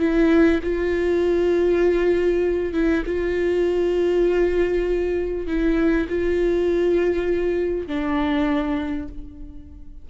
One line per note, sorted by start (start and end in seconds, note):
0.00 0.61 E4
0.64 2.74 F4
2.74 3.04 E4
3.06 5.47 F4
5.47 6.08 E4
6.10 7.87 F4
7.87 9.09 D4